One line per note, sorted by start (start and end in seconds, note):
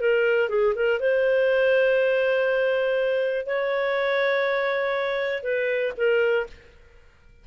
0.00 0.48 A#4
0.48 0.73 G#4
0.75 0.99 A#4
0.99 3.46 C5
3.46 5.42 C#5
5.42 5.92 B4
5.96 6.46 A#4